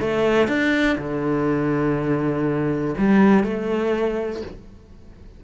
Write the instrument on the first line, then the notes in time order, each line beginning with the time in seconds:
cello
0.00 A3
0.48 D4
0.98 D3
2.98 G3
3.44 A3